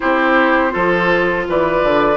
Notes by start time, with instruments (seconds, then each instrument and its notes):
0.00 bassoon C4, clarinet E4, oboe G4, flute C5
0.70 bassoon F3, clarinet F4, oboe A4
1.48 bassoon E3, oboe B4, flute D5
1.83 bassoon D3